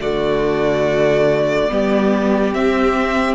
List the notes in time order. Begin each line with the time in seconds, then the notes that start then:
0.00 D3 A3 F#4 D5
1.69 G3 B3 G4
2.53 C4 E5